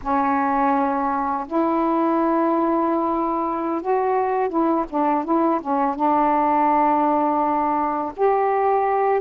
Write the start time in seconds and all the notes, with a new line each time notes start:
0.02 C#4
1.47 E4
3.81 F#4
4.49 E4
4.89 D4
5.24 E4
5.60 C#4
5.95 D4
8.16 G4